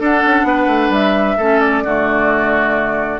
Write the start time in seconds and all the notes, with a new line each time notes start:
0.00 D4 A4 F#5
0.26 C#4
0.44 B3 B4
0.67 A3
0.90 G3 E5
1.38 A3 C#4 A4
1.60 D5
1.84 D3 A3 F#4